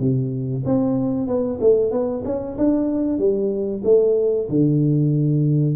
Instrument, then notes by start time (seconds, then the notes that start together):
tuba
0.00 C3
0.66 C4
1.28 B3
1.61 A3
1.91 B3
2.25 C#4
2.58 D4
3.19 G3
3.84 A3
4.49 D3